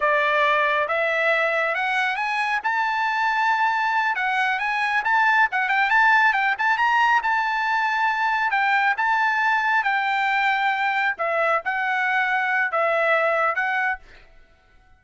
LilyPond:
\new Staff \with { instrumentName = "trumpet" } { \time 4/4 \tempo 4 = 137 d''2 e''2 | fis''4 gis''4 a''2~ | a''4. fis''4 gis''4 a''8~ | a''8 fis''8 g''8 a''4 g''8 a''8 ais''8~ |
ais''8 a''2. g''8~ | g''8 a''2 g''4.~ | g''4. e''4 fis''4.~ | fis''4 e''2 fis''4 | }